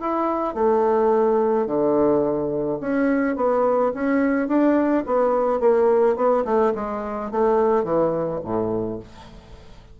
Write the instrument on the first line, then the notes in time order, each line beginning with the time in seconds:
bassoon
0.00 E4
0.54 A3
1.66 D3
2.80 C#4
3.36 B3
3.94 C#4
4.48 D4
5.06 B3
5.59 A#3
6.16 B3
6.44 A3
6.75 G#3
7.31 A3
7.84 E3
8.43 A2